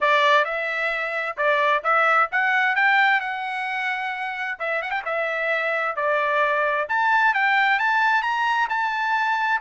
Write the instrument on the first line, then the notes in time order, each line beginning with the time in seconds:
trumpet
0.00 D5
0.45 E5
1.37 D5
1.83 E5
2.31 F#5
2.75 G5
3.20 F#5
4.59 E5
4.82 F#5
4.90 G5
5.05 E5
5.95 D5
6.88 A5
7.34 G5
7.79 A5
8.22 A#5
8.69 A5